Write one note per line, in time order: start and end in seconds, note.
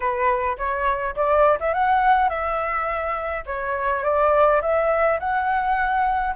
0.00 0.56 B4
0.57 1.15 C#5
1.15 1.58 D5
1.60 1.73 E5
1.73 2.29 F#5
2.29 3.44 E5
3.46 4.03 C#5
4.03 4.61 D5
4.61 5.19 E5
5.19 6.35 F#5